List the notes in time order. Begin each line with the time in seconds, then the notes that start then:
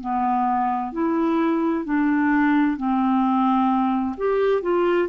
0.00 B3
0.92 E4
1.84 D4
2.77 C4
4.17 G4
4.62 F4